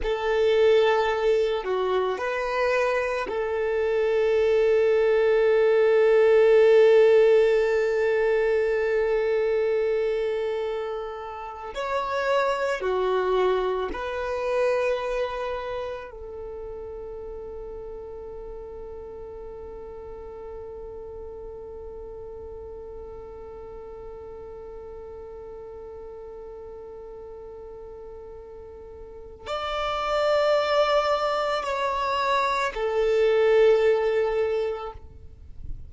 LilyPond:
\new Staff \with { instrumentName = "violin" } { \time 4/4 \tempo 4 = 55 a'4. fis'8 b'4 a'4~ | a'1~ | a'2~ a'8. cis''4 fis'16~ | fis'8. b'2 a'4~ a'16~ |
a'1~ | a'1~ | a'2. d''4~ | d''4 cis''4 a'2 | }